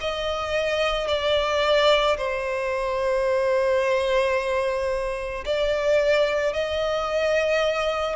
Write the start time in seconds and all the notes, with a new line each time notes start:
0.00 D#5
1.08 D5
2.17 C5
5.45 D5
6.53 D#5